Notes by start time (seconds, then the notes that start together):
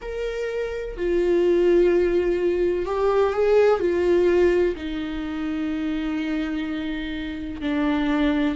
0.01 A#4
0.97 F4
2.85 G4
3.33 G#4
3.80 F4
4.76 D#4
7.61 D4